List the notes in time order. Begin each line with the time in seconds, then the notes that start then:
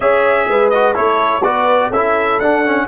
0.00 C#4 G#4 C#5 E5
0.48 G#3 B4
0.70 F#4 D#5
0.94 A3 E4 A4 C#5
1.42 B3 F#4 B4 D5
1.89 C#4 E4 A4 E5
2.39 D4 F#5
2.65 C#4